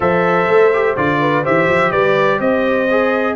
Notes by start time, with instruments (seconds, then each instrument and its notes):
0.00 tuba F3, trombone A4, horn C5, trumpet E5
0.48 tuba A3
0.73 trombone G4
0.96 tuba D3, trombone F4, trumpet D5
1.20 horn B4
1.43 tuba E3, trombone G4, horn C5, trumpet E5
1.67 tuba F3
1.91 tuba G3, horn B4, trumpet D5
2.39 tuba C4, horn C5, trumpet D#5
2.91 trombone G#4